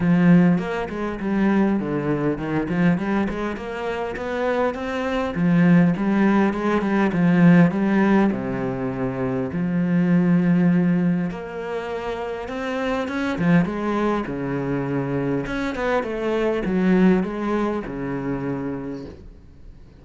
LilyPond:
\new Staff \with { instrumentName = "cello" } { \time 4/4 \tempo 4 = 101 f4 ais8 gis8 g4 d4 | dis8 f8 g8 gis8 ais4 b4 | c'4 f4 g4 gis8 g8 | f4 g4 c2 |
f2. ais4~ | ais4 c'4 cis'8 f8 gis4 | cis2 cis'8 b8 a4 | fis4 gis4 cis2 | }